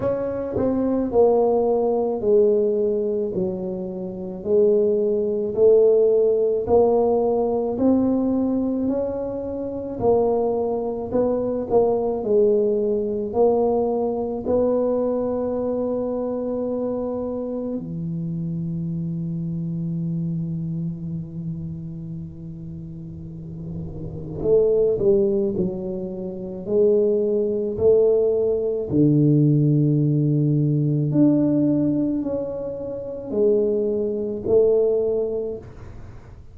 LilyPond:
\new Staff \with { instrumentName = "tuba" } { \time 4/4 \tempo 4 = 54 cis'8 c'8 ais4 gis4 fis4 | gis4 a4 ais4 c'4 | cis'4 ais4 b8 ais8 gis4 | ais4 b2. |
e1~ | e2 a8 g8 fis4 | gis4 a4 d2 | d'4 cis'4 gis4 a4 | }